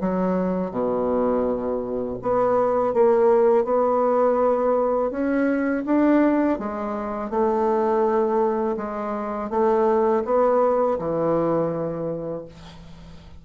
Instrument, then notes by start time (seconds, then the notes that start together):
bassoon
0.00 F#3
0.71 B2
2.22 B3
2.93 A#3
3.64 B3
5.11 C#4
5.85 D4
6.58 G#3
7.30 A3
8.76 G#3
9.50 A3
10.25 B3
10.99 E3